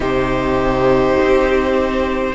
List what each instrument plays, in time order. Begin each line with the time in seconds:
0.00 cello C3, viola D#4, violin G4 C5
1.20 cello C4